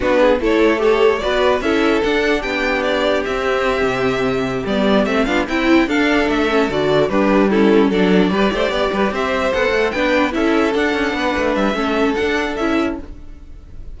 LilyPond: <<
  \new Staff \with { instrumentName = "violin" } { \time 4/4 \tempo 4 = 148 b'4 cis''4 a'4 d''4 | e''4 fis''4 g''4 d''4 | e''2.~ e''8 d''8~ | d''8 e''8 f''8 g''4 f''4 e''8~ |
e''8 d''4 b'4 a'4 d''8~ | d''2~ d''8 e''4 fis''8~ | fis''8 g''4 e''4 fis''4.~ | fis''8 e''4. fis''4 e''4 | }
  \new Staff \with { instrumentName = "violin" } { \time 4/4 fis'8 gis'8 a'4 cis''4 b'4 | a'2 g'2~ | g'1~ | g'4 f'8 e'4 a'4.~ |
a'4. d'4 e'4 a'8~ | a'8 b'8 c''8 d''8 b'8 c''4.~ | c''8 b'4 a'2 b'8~ | b'4 a'2. | }
  \new Staff \with { instrumentName = "viola" } { \time 4/4 d'4 e'4 g'4 fis'4 | e'4 d'2. | c'2.~ c'8 b8~ | b8 c'8 d'8 e'4 d'4. |
cis'8 fis'4 g'4 cis'4 d'8~ | d'8 g'2. a'8~ | a'8 d'4 e'4 d'4.~ | d'4 cis'4 d'4 e'4 | }
  \new Staff \with { instrumentName = "cello" } { \time 4/4 b4 a2 b4 | cis'4 d'4 b2 | c'4. c2 g8~ | g8 a8 b8 c'4 d'4 a8~ |
a8 d4 g2 fis8~ | fis8 g8 a8 b8 g8 c'4 b8 | a8 b4 cis'4 d'8 cis'8 b8 | a8 g8 a4 d'4 cis'4 | }
>>